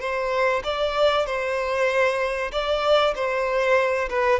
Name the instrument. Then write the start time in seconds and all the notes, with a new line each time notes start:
violin
0.00 C5
0.64 D5
1.26 C5
2.51 D5
3.15 C5
4.09 B4